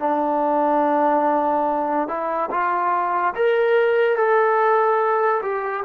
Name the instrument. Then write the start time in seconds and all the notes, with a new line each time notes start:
trombone
0.00 D4
2.08 E4
2.51 F4
3.35 A#4
4.17 A4
5.42 G4